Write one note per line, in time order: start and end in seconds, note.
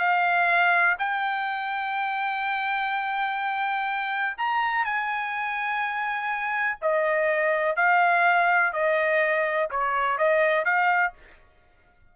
0.00 0.97 F5
0.99 4.38 G5
4.38 4.85 A#5
4.85 6.79 G#5
6.82 7.76 D#5
7.76 8.73 F5
8.73 9.70 D#5
9.71 10.18 C#5
10.18 10.65 D#5
10.65 11.14 F5